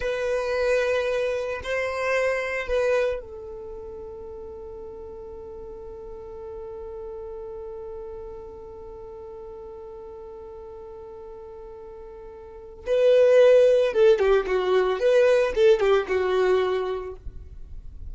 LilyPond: \new Staff \with { instrumentName = "violin" } { \time 4/4 \tempo 4 = 112 b'2. c''4~ | c''4 b'4 a'2~ | a'1~ | a'1~ |
a'1~ | a'1 | b'2 a'8 g'8 fis'4 | b'4 a'8 g'8 fis'2 | }